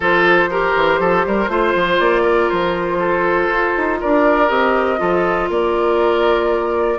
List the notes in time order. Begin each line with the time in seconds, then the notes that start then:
0.00 F3 F4 A4 C5
0.50 G4 A#4
0.75 E3
0.99 F3 A4
1.25 G3 A#4
1.48 A3 F4 C5
1.74 F3
1.99 A#3 D5
2.22 A#4
2.49 F3 C5
2.99 A4
3.48 F4
3.77 D#4
4.00 D4 A#4 D5
4.48 C4 G4 D#5
4.97 F3 F4 A4
5.49 A#3 A#4 D5